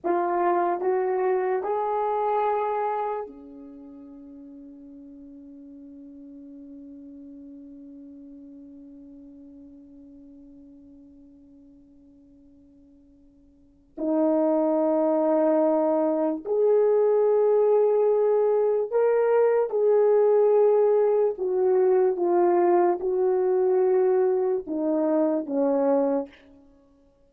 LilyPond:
\new Staff \with { instrumentName = "horn" } { \time 4/4 \tempo 4 = 73 f'4 fis'4 gis'2 | cis'1~ | cis'1~ | cis'1~ |
cis'4 dis'2. | gis'2. ais'4 | gis'2 fis'4 f'4 | fis'2 dis'4 cis'4 | }